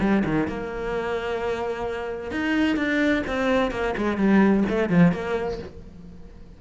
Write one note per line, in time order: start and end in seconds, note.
0.00 0.23 G3
0.25 0.48 D#3
0.48 2.31 A#3
2.31 2.76 D#4
2.76 3.23 D4
3.27 3.71 C4
3.71 3.95 A#3
3.97 4.17 G#3
4.17 4.64 G3
4.69 4.89 A3
4.89 5.12 F3
5.12 5.59 A#3